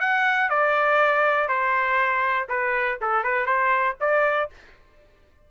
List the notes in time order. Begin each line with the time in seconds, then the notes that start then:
0.00 F#5
0.50 D5
1.48 C5
2.49 B4
3.01 A4
3.24 B4
3.46 C5
4.01 D5